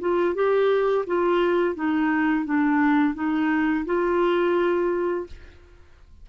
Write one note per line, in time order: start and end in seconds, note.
0.00 0.34 F4
0.34 1.05 G4
1.07 1.75 F4
1.75 2.45 D#4
2.45 3.14 D4
3.14 3.85 D#4
3.85 5.26 F4